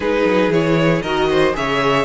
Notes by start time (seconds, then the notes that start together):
0.00 G#3 D#4 G#4 B4
0.25 F#3
0.49 E3 E4 C#5
1.02 D#3 F#4 A#4 D#5
1.30 C5
1.53 C#3 G#4 C#5 E5